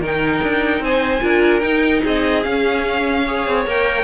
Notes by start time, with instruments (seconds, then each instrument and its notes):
0.00 cello D#3, viola D#4, violin A#4 G5
0.42 cello D4
0.79 cello C4, violin C5 G#5
1.20 cello D4, viola F4, violin A#4
1.59 cello D#4, viola D#4, violin G5
2.02 cello C4, violin G#4 D#5
2.43 viola C#4, cello C#4, violin F5
3.26 viola G#4, violin C#5
3.47 cello C4
3.65 cello A#3, viola A#4, violin G5